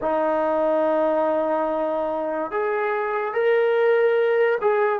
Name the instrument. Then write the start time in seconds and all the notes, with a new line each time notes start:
trombone
0.01 D#4
2.51 G#4
3.33 A#4
4.61 G#4